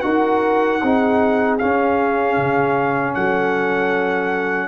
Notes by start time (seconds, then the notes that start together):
0.00 D#4 F#4 A#4 F#5
0.82 C4 D#4 G#4
1.58 C#4 F5
2.37 C#3
3.14 F#3 A4 F#5